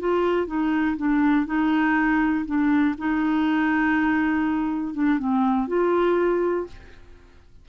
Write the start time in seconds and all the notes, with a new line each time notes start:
0.00 F4
0.47 D#4
0.97 D4
1.47 D#4
2.46 D4
2.98 D#4
4.94 D4
5.19 C4
5.68 F4